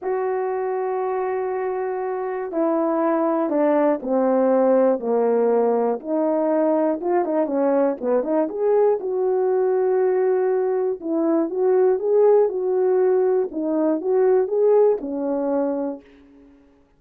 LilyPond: \new Staff \with { instrumentName = "horn" } { \time 4/4 \tempo 4 = 120 fis'1~ | fis'4 e'2 d'4 | c'2 ais2 | dis'2 f'8 dis'8 cis'4 |
b8 dis'8 gis'4 fis'2~ | fis'2 e'4 fis'4 | gis'4 fis'2 dis'4 | fis'4 gis'4 cis'2 | }